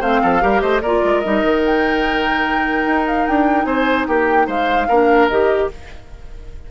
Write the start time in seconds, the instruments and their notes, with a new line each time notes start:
0.00 bassoon A3, clarinet C4, oboe C5, flute F5
0.22 bassoon F3, oboe A4
0.40 bassoon G3, clarinet G4, oboe A#4
0.60 bassoon A3, oboe C5, flute D#5
0.81 bassoon A#3, clarinet F4, oboe A#4, flute D5
1.04 bassoon G#3
1.20 bassoon G3, clarinet D#4, flute D#5
1.43 bassoon D#3
1.65 flute G5
2.86 bassoon D#4
3.07 flute F5
3.27 bassoon D4, flute G5
3.64 bassoon C4, oboe C5, flute G#5
4.07 bassoon A#3, oboe G4, flute G5
4.46 bassoon G#3, oboe C5, flute F5
4.88 bassoon A#3, clarinet D4, oboe A#4
5.28 bassoon D#3, clarinet G4, flute D#5